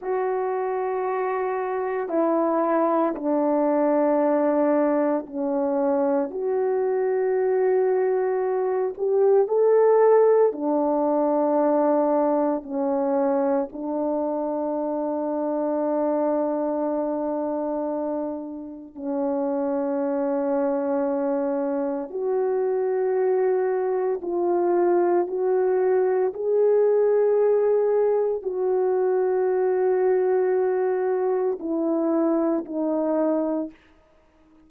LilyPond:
\new Staff \with { instrumentName = "horn" } { \time 4/4 \tempo 4 = 57 fis'2 e'4 d'4~ | d'4 cis'4 fis'2~ | fis'8 g'8 a'4 d'2 | cis'4 d'2.~ |
d'2 cis'2~ | cis'4 fis'2 f'4 | fis'4 gis'2 fis'4~ | fis'2 e'4 dis'4 | }